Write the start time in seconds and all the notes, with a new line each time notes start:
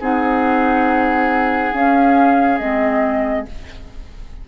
0.00 C4 D#4 G#4 F#5
1.73 C#4 F5
2.58 G#3 C4 D#5